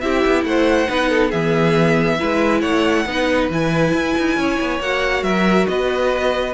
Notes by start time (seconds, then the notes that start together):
0.00 C4 E4 G4 E5
0.26 B3
0.44 A3 C5 F#5
0.88 B3 D#4 B4
1.09 A4
1.29 E3 B3 G#4 E5
2.19 G#3 E4 B4
2.61 A3 C#5 F#5
3.06 B3 D#4 B4
3.50 E3 E4 G#5
3.94 E4
4.18 D#4
4.37 C#4 C#5
4.60 B3
4.80 A#3 F#4 F#5
5.23 F#3 A#4 E5
5.68 B3 B4 D#5